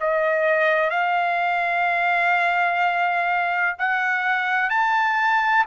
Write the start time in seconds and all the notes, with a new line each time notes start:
0.00 D#5
0.90 F5
3.78 F#5
4.70 A5